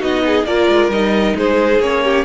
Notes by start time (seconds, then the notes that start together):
0.00 B3 D#4 F#4 D#5
0.26 G#4
0.45 A#3 F4 A#4 D5
0.69 G#3
0.89 G3 D#4 D#5
1.36 G#3 G#4 C5
1.80 A#3 C#4 C#5
2.04 G4